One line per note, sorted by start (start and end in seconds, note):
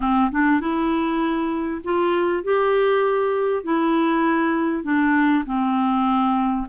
0.00 0.30 C4
0.31 0.60 D4
0.60 1.81 E4
1.84 2.43 F4
2.43 3.63 G4
3.63 4.83 E4
4.83 5.44 D4
5.45 6.66 C4